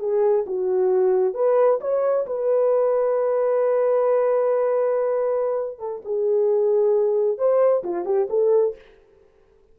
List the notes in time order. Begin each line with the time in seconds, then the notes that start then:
0.00 G#4
0.47 F#4
1.35 B4
1.81 C#5
2.27 B4
5.79 A4
6.05 G#4
7.38 C5
7.84 F4
8.06 G4
8.30 A4